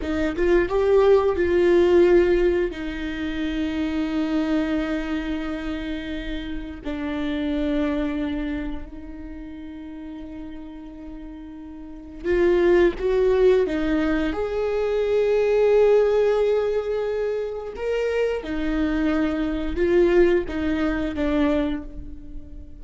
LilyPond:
\new Staff \with { instrumentName = "viola" } { \time 4/4 \tempo 4 = 88 dis'8 f'8 g'4 f'2 | dis'1~ | dis'2 d'2~ | d'4 dis'2.~ |
dis'2 f'4 fis'4 | dis'4 gis'2.~ | gis'2 ais'4 dis'4~ | dis'4 f'4 dis'4 d'4 | }